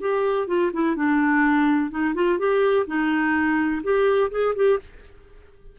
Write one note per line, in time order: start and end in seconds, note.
0.00 0.47 G4
0.47 0.71 F4
0.73 0.96 E4
0.96 1.90 D4
1.90 2.14 D#4
2.15 2.39 F4
2.39 2.86 G4
2.87 3.82 D#4
3.83 4.31 G4
4.31 4.55 G#4
4.55 4.79 G4